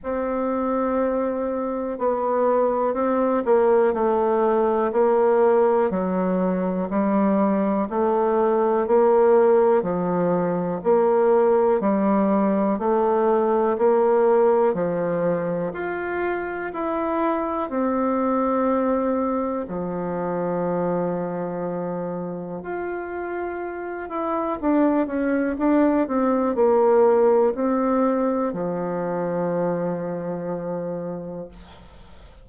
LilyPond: \new Staff \with { instrumentName = "bassoon" } { \time 4/4 \tempo 4 = 61 c'2 b4 c'8 ais8 | a4 ais4 fis4 g4 | a4 ais4 f4 ais4 | g4 a4 ais4 f4 |
f'4 e'4 c'2 | f2. f'4~ | f'8 e'8 d'8 cis'8 d'8 c'8 ais4 | c'4 f2. | }